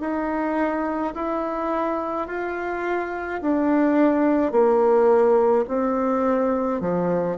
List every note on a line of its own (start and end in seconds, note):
0.00 1.13 D#4
1.14 2.27 E4
2.27 3.40 F4
3.41 4.52 D4
4.52 5.65 A#3
5.68 6.80 C4
6.80 7.37 F3